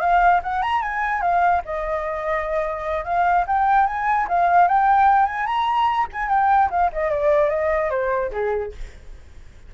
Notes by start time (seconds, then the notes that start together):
0.00 F5
0.43 F#5
0.62 A#5
0.81 G#5
1.21 F5
1.65 D#5
3.04 F5
3.47 G5
3.86 G#5
4.28 F5
4.68 G5
5.25 G#5
5.46 A#5
6.12 G#5
6.28 G5
6.70 F5
6.92 D#5
7.10 D5
7.49 D#5
7.90 C5
8.31 G#4